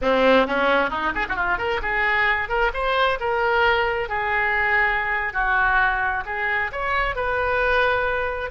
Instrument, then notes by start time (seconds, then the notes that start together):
oboe
0.01 C4
0.46 C#4
0.90 D#4
1.14 G#4
1.29 F#4
1.35 F4
1.58 A#4
1.81 G#4
2.48 A#4
2.73 C5
3.19 A#4
4.08 G#4
5.33 F#4
6.25 G#4
6.72 C#5
7.15 B4